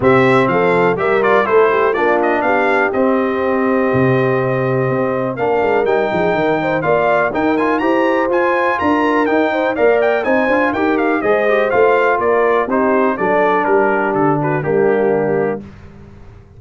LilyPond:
<<
  \new Staff \with { instrumentName = "trumpet" } { \time 4/4 \tempo 4 = 123 e''4 f''4 e''8 d''8 c''4 | d''8 dis''8 f''4 dis''2~ | dis''2. f''4 | g''2 f''4 g''8 gis''8 |
ais''4 gis''4 ais''4 g''4 | f''8 g''8 gis''4 g''8 f''8 dis''4 | f''4 d''4 c''4 d''4 | ais'4 a'8 b'8 g'2 | }
  \new Staff \with { instrumentName = "horn" } { \time 4/4 g'4 a'4 ais'4 a'8 g'8 | f'4 g'2.~ | g'2. ais'4~ | ais'8 gis'8 ais'8 c''8 d''4 ais'4 |
c''2 ais'4. c''8 | d''4 c''4 ais'4 c''4~ | c''4 ais'4 g'4 a'4 | g'4. fis'8 d'2 | }
  \new Staff \with { instrumentName = "trombone" } { \time 4/4 c'2 g'8 f'8 e'4 | d'2 c'2~ | c'2. d'4 | dis'2 f'4 dis'8 f'8 |
g'4 f'2 dis'4 | ais'4 dis'8 f'8 g'4 gis'8 g'8 | f'2 dis'4 d'4~ | d'2 ais2 | }
  \new Staff \with { instrumentName = "tuba" } { \time 4/4 c4 f4 g4 a4 | ais4 b4 c'2 | c2 c'4 ais8 gis8 | g8 f8 dis4 ais4 dis'4 |
e'4 f'4 d'4 dis'4 | ais4 c'8 d'8 dis'4 gis4 | a4 ais4 c'4 fis4 | g4 d4 g2 | }
>>